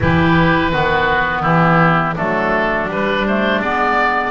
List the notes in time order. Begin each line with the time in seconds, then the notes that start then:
0.00 E3 E4 G4 B4
0.71 D#3 B3 F#4
1.42 E3 E4 G4
2.15 F#3 A3 D4 A4
2.88 G3 B4
3.26 A3 C5
3.60 G#3 B3 D5